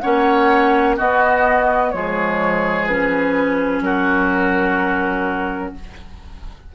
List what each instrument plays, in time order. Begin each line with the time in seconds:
0.00 bassoon A#3, clarinet C#4, oboe C#5, flute F#5
0.96 clarinet B3, bassoon B3, oboe F#4, flute D#5
1.90 bassoon F3, clarinet G#3, oboe G#4, flute C#5
2.86 clarinet C#4, flute B4
3.81 bassoon F#3, oboe F#4, flute A#4